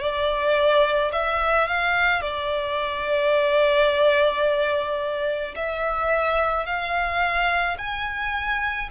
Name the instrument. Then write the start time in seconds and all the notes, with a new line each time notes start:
violin
0.00 D5
1.12 E5
1.67 F5
2.21 D5
5.55 E5
6.66 F5
7.78 G#5